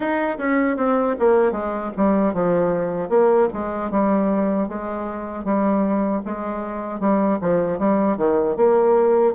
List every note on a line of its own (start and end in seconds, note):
0.00 0.37 D#4
0.38 0.76 C#4
0.76 1.15 C4
1.19 1.52 A#3
1.52 1.91 G#3
1.96 2.33 G3
2.33 3.09 F3
3.09 3.48 A#3
3.53 3.90 G#3
3.90 4.68 G3
4.68 5.44 G#3
5.44 6.22 G3
6.25 7.00 G#3
7.00 7.38 G3
7.41 7.79 F3
7.79 8.17 G3
8.17 8.56 D#3
8.56 9.34 A#3